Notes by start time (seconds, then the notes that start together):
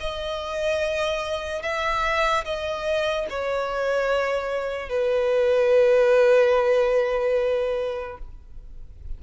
0.00 D#5
1.62 E5
2.45 D#5
3.30 C#5
4.89 B4